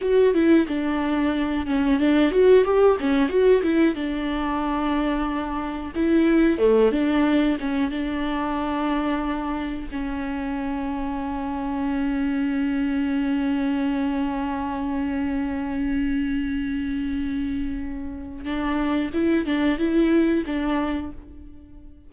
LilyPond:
\new Staff \with { instrumentName = "viola" } { \time 4/4 \tempo 4 = 91 fis'8 e'8 d'4. cis'8 d'8 fis'8 | g'8 cis'8 fis'8 e'8 d'2~ | d'4 e'4 a8 d'4 cis'8 | d'2. cis'4~ |
cis'1~ | cis'1~ | cis'1 | d'4 e'8 d'8 e'4 d'4 | }